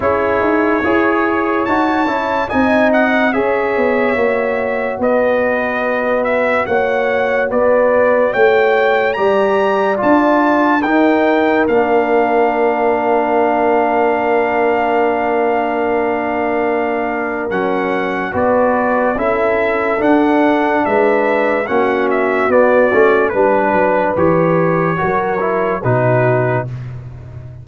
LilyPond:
<<
  \new Staff \with { instrumentName = "trumpet" } { \time 4/4 \tempo 4 = 72 cis''2 a''4 gis''8 fis''8 | e''2 dis''4. e''8 | fis''4 d''4 g''4 ais''4 | a''4 g''4 f''2~ |
f''1~ | f''4 fis''4 d''4 e''4 | fis''4 e''4 fis''8 e''8 d''4 | b'4 cis''2 b'4 | }
  \new Staff \with { instrumentName = "horn" } { \time 4/4 gis'4 cis''2 dis''4 | cis''2 b'2 | cis''4 b'4 cis''4 d''4~ | d''4 ais'2.~ |
ais'1~ | ais'2 b'4 a'4~ | a'4 b'4 fis'2 | b'2 ais'4 fis'4 | }
  \new Staff \with { instrumentName = "trombone" } { \time 4/4 e'4 gis'4 fis'8 e'8 dis'4 | gis'4 fis'2.~ | fis'2. g'4 | f'4 dis'4 d'2~ |
d'1~ | d'4 cis'4 fis'4 e'4 | d'2 cis'4 b8 cis'8 | d'4 g'4 fis'8 e'8 dis'4 | }
  \new Staff \with { instrumentName = "tuba" } { \time 4/4 cis'8 dis'8 e'4 dis'8 cis'8 c'4 | cis'8 b8 ais4 b2 | ais4 b4 a4 g4 | d'4 dis'4 ais2~ |
ais1~ | ais4 fis4 b4 cis'4 | d'4 gis4 ais4 b8 a8 | g8 fis8 e4 fis4 b,4 | }
>>